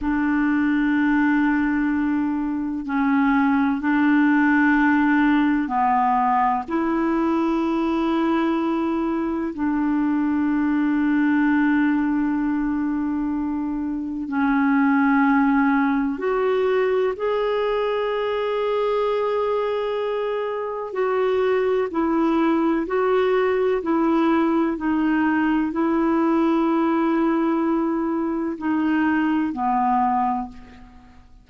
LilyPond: \new Staff \with { instrumentName = "clarinet" } { \time 4/4 \tempo 4 = 63 d'2. cis'4 | d'2 b4 e'4~ | e'2 d'2~ | d'2. cis'4~ |
cis'4 fis'4 gis'2~ | gis'2 fis'4 e'4 | fis'4 e'4 dis'4 e'4~ | e'2 dis'4 b4 | }